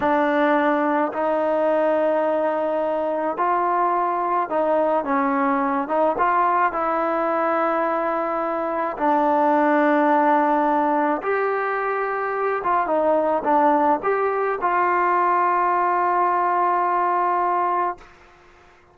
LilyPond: \new Staff \with { instrumentName = "trombone" } { \time 4/4 \tempo 4 = 107 d'2 dis'2~ | dis'2 f'2 | dis'4 cis'4. dis'8 f'4 | e'1 |
d'1 | g'2~ g'8 f'8 dis'4 | d'4 g'4 f'2~ | f'1 | }